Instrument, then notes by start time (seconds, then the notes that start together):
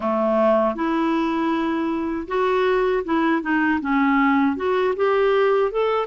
clarinet
0.00 A3
0.75 E4
2.28 F#4
3.04 E4
3.42 D#4
3.80 C#4
4.56 F#4
4.95 G4
5.71 A4